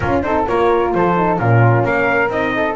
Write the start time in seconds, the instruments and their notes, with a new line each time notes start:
0.00 double bass C#4, horn C#4, flute F4, trumpet A#4
0.22 double bass C4, horn D#4, flute A4, trumpet C5
0.47 double bass A#3, horn F4, flute A#4, trumpet C#5
0.94 double bass F3, flute A4, trumpet C5
1.16 horn D#4
1.37 double bass A#2, horn C#4, flute F4, trumpet A#4
1.83 double bass A#3, flute A#4, trumpet F5
2.28 double bass C4, horn D#4, trumpet D#5
2.55 flute A4